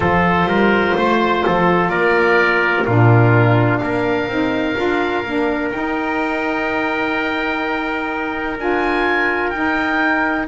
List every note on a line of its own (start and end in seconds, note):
0.00 0.44 F3
0.00 2.86 F4
0.00 0.47 A4
0.00 1.88 C5
0.44 0.92 G3
0.44 0.95 A#4
0.96 1.43 A3
0.96 1.44 C5
1.45 1.89 F3
1.45 1.90 A4
1.88 2.85 A#3
1.88 2.85 A#4
1.88 2.84 D5
2.84 3.81 A#2
2.84 4.29 D4
2.84 3.80 F4
2.84 3.78 A#4
3.78 4.27 A#3
3.78 10.47 A#4
3.78 5.68 F5
4.27 4.75 C4
4.27 4.76 D#4
4.76 5.24 D4
4.76 5.24 F4
5.24 5.72 A#3
5.24 5.71 D4
5.71 8.57 D#4
5.71 8.58 D#4
5.71 8.57 G5
8.58 9.52 D4
8.58 9.53 F4
8.58 9.50 G#5
9.50 10.47 D#4
9.50 10.45 G5